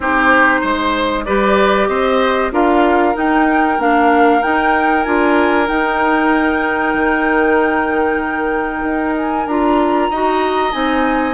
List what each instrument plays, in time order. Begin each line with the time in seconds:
0.00 bassoon C4, clarinet D#4, oboe G4, flute C5
0.60 bassoon G#3, oboe C5
1.24 bassoon G3, clarinet G4, oboe B4, flute D5
1.87 bassoon C4, oboe C5, flute D#5
2.51 bassoon D4, clarinet F4, oboe A#4, flute F5
3.14 clarinet D#4, bassoon D#4, flute G5
3.78 bassoon A#3, clarinet D4, flute F5
4.42 clarinet D#4, bassoon D#4, flute G5
5.03 bassoon D4, clarinet F4, flute G#5
5.66 clarinet D#4, bassoon D#4, flute G5
6.93 bassoon D#3
8.83 bassoon D#4
9.16 flute G#5
9.46 bassoon D4, clarinet F4, flute A#5
10.10 bassoon D#4, clarinet F#4, oboe D#5
10.71 bassoon C4, clarinet D#4, flute G#5